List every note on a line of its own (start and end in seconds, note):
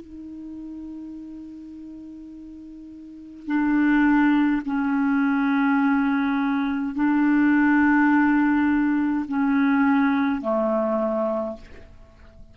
0.00 3.46 D#4
3.46 4.62 D4
4.65 6.94 C#4
6.94 9.25 D4
9.28 10.41 C#4
10.41 11.56 A3